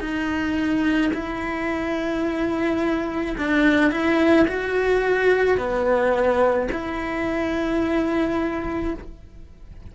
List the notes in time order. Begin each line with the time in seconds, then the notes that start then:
0.00 D#4
1.14 E4
3.38 D4
3.91 E4
4.47 F#4
5.58 B3
6.72 E4